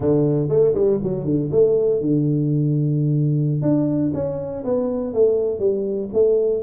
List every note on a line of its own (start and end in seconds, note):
0.00 0.48 D3
0.49 0.74 A3
0.74 0.99 G3
1.03 1.24 F#3
1.24 1.49 D3
1.51 2.00 A3
2.00 3.61 D3
3.61 4.11 D4
4.14 4.64 C#4
4.64 5.13 B3
5.13 5.59 A3
5.59 6.09 G3
6.13 6.62 A3